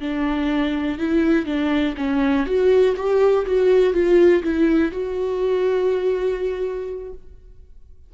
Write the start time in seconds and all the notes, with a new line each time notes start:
0.00 D4
0.98 E4
1.45 D4
1.97 C#4
2.46 F#4
2.96 G4
3.46 F#4
3.93 F4
4.43 E4
4.92 F#4